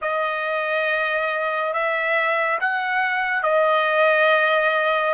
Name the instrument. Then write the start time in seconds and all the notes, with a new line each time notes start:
trumpet
0.01 D#5
1.73 E5
2.60 F#5
3.42 D#5